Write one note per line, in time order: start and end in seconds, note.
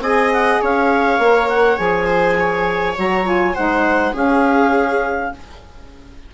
0.00 0.59 C4
0.00 1.20 G#4
0.00 0.61 D#5
0.00 0.31 G#5
0.32 0.62 F#5
0.61 1.19 C#4
0.61 2.06 C#5
0.61 1.49 F5
1.19 1.77 A#3
1.19 1.77 A#4
1.49 1.77 F#5
1.77 2.96 F3
1.77 2.94 G#4
1.77 2.95 G#5
2.06 2.35 C5
2.40 3.54 C#5
2.96 3.56 F#3
2.96 3.24 F#4
2.96 3.27 A#5
3.24 3.54 F4
3.24 3.55 G#5
3.54 4.13 G#3
3.54 4.14 D#4
3.54 4.13 C5
3.54 4.14 F#5
4.13 5.31 C#4
4.13 5.32 C#4
4.13 5.30 G#4
4.13 5.34 F5